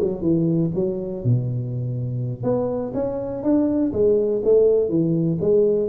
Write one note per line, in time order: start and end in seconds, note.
0.00 0.21 F#3
0.21 0.70 E3
0.74 1.24 F#3
1.24 2.43 B2
2.43 2.92 B3
2.94 3.43 C#4
3.43 3.92 D4
3.92 4.42 G#3
4.44 4.88 A3
4.88 5.38 E3
5.40 5.88 G#3